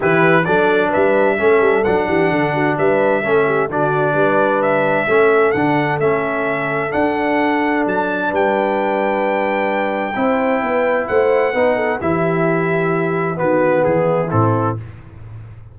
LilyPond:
<<
  \new Staff \with { instrumentName = "trumpet" } { \time 4/4 \tempo 4 = 130 b'4 d''4 e''2 | fis''2 e''2 | d''2 e''2 | fis''4 e''2 fis''4~ |
fis''4 a''4 g''2~ | g''1 | fis''2 e''2~ | e''4 b'4 gis'4 a'4 | }
  \new Staff \with { instrumentName = "horn" } { \time 4/4 g'4 a'4 b'4 a'4~ | a'8 g'8 a'8 fis'8 b'4 a'8 g'8 | fis'4 b'2 a'4~ | a'1~ |
a'2 b'2~ | b'2 c''4 b'4 | c''4 b'8 a'8 g'2~ | g'4 fis'4 e'2 | }
  \new Staff \with { instrumentName = "trombone" } { \time 4/4 e'4 d'2 cis'4 | d'2. cis'4 | d'2. cis'4 | d'4 cis'2 d'4~ |
d'1~ | d'2 e'2~ | e'4 dis'4 e'2~ | e'4 b2 c'4 | }
  \new Staff \with { instrumentName = "tuba" } { \time 4/4 e4 fis4 g4 a8 g8 | fis8 e8 d4 g4 a4 | d4 g2 a4 | d4 a2 d'4~ |
d'4 fis4 g2~ | g2 c'4 b4 | a4 b4 e2~ | e4 dis4 e4 a,4 | }
>>